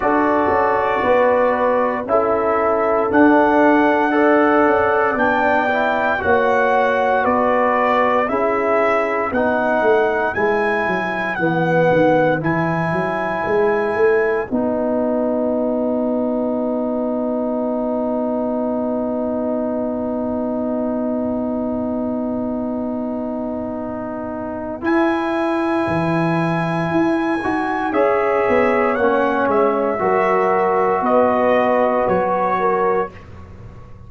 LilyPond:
<<
  \new Staff \with { instrumentName = "trumpet" } { \time 4/4 \tempo 4 = 58 d''2 e''4 fis''4~ | fis''4 g''4 fis''4 d''4 | e''4 fis''4 gis''4 fis''4 | gis''2 fis''2~ |
fis''1~ | fis''1 | gis''2. e''4 | fis''8 e''4. dis''4 cis''4 | }
  \new Staff \with { instrumentName = "horn" } { \time 4/4 a'4 b'4 a'2 | d''2 cis''4 b'4 | gis'4 b'2.~ | b'1~ |
b'1~ | b'1~ | b'2. cis''4~ | cis''4 ais'4 b'4. ais'8 | }
  \new Staff \with { instrumentName = "trombone" } { \time 4/4 fis'2 e'4 d'4 | a'4 d'8 e'8 fis'2 | e'4 dis'4 e'4 b4 | e'2 dis'2~ |
dis'1~ | dis'1 | e'2~ e'8 fis'8 gis'4 | cis'4 fis'2. | }
  \new Staff \with { instrumentName = "tuba" } { \time 4/4 d'8 cis'8 b4 cis'4 d'4~ | d'8 cis'8 b4 ais4 b4 | cis'4 b8 a8 gis8 fis8 e8 dis8 | e8 fis8 gis8 a8 b2~ |
b1~ | b1 | e'4 e4 e'8 dis'8 cis'8 b8 | ais8 gis8 fis4 b4 fis4 | }
>>